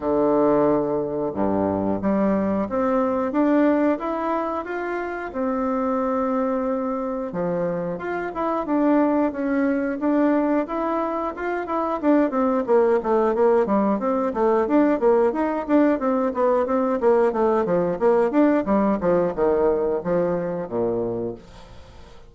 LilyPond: \new Staff \with { instrumentName = "bassoon" } { \time 4/4 \tempo 4 = 90 d2 g,4 g4 | c'4 d'4 e'4 f'4 | c'2. f4 | f'8 e'8 d'4 cis'4 d'4 |
e'4 f'8 e'8 d'8 c'8 ais8 a8 | ais8 g8 c'8 a8 d'8 ais8 dis'8 d'8 | c'8 b8 c'8 ais8 a8 f8 ais8 d'8 | g8 f8 dis4 f4 ais,4 | }